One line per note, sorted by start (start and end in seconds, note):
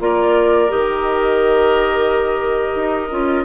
0.00 0.69 A#3
0.00 0.69 F4
0.00 3.45 A#4
0.00 0.71 D5
0.69 2.75 D#3
0.69 3.10 G4
0.69 3.45 D#5
2.75 3.10 D#4
3.11 3.45 C#4
3.11 3.45 F4